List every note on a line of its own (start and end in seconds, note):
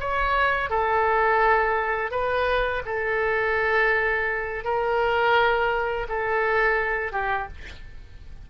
0.00 0.70 C#5
0.70 2.11 A4
2.11 2.83 B4
2.86 4.64 A4
4.64 6.07 A#4
6.09 7.12 A4
7.12 7.48 G4